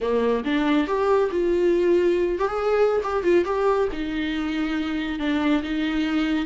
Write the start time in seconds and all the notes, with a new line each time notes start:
0.00 A#3
0.44 D4
0.87 G4
1.31 F4
2.39 G4
2.47 G#4
3.03 G4
3.23 F4
3.45 G4
3.92 D#4
5.19 D4
5.62 D#4